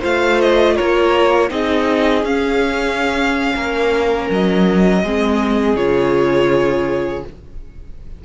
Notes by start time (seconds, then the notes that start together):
0.00 A3 F4 C5 F5
0.40 D#5
0.75 A#3 A#4 C#5
1.49 C4 D#4 G#4 D#5
2.23 C#4 F5
3.55 A#3 A#4
4.30 F#3 D#5
5.02 G#3 C4 G#4
5.75 C#3 F4 C#5